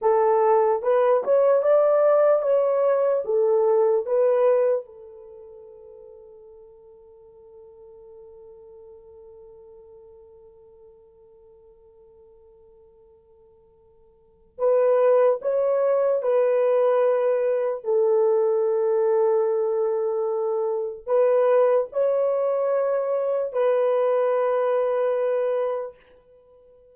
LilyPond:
\new Staff \with { instrumentName = "horn" } { \time 4/4 \tempo 4 = 74 a'4 b'8 cis''8 d''4 cis''4 | a'4 b'4 a'2~ | a'1~ | a'1~ |
a'2 b'4 cis''4 | b'2 a'2~ | a'2 b'4 cis''4~ | cis''4 b'2. | }